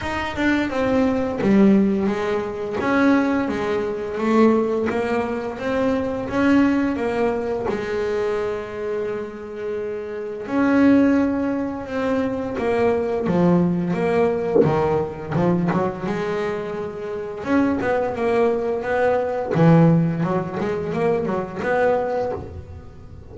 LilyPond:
\new Staff \with { instrumentName = "double bass" } { \time 4/4 \tempo 4 = 86 dis'8 d'8 c'4 g4 gis4 | cis'4 gis4 a4 ais4 | c'4 cis'4 ais4 gis4~ | gis2. cis'4~ |
cis'4 c'4 ais4 f4 | ais4 dis4 f8 fis8 gis4~ | gis4 cis'8 b8 ais4 b4 | e4 fis8 gis8 ais8 fis8 b4 | }